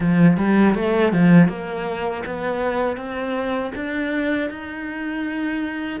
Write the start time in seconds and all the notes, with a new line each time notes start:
0.00 F3
0.37 G3
0.74 A3
1.12 F3
1.48 A#3
2.25 B3
2.96 C4
3.75 D4
4.50 D#4